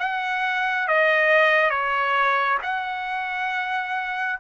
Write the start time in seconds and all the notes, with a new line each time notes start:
0.00 F#5
0.88 D#5
1.70 C#5
2.63 F#5